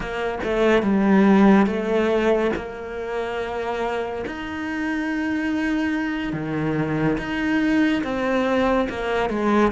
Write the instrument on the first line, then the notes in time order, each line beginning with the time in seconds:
cello
0.00 A#3
0.43 A3
0.82 G3
1.66 A3
2.55 A#3
4.26 D#4
6.33 D#3
7.18 D#4
8.03 C4
8.89 A#3
9.29 G#3